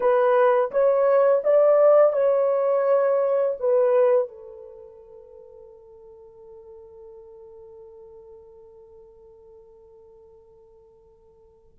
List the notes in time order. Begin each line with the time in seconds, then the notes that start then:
0.00 B4
0.71 C#5
1.44 D5
2.12 C#5
3.59 B4
4.28 A4